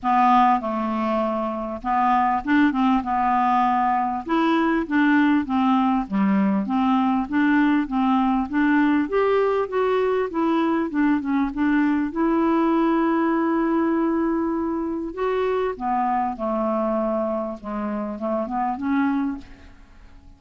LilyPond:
\new Staff \with { instrumentName = "clarinet" } { \time 4/4 \tempo 4 = 99 b4 a2 b4 | d'8 c'8 b2 e'4 | d'4 c'4 g4 c'4 | d'4 c'4 d'4 g'4 |
fis'4 e'4 d'8 cis'8 d'4 | e'1~ | e'4 fis'4 b4 a4~ | a4 gis4 a8 b8 cis'4 | }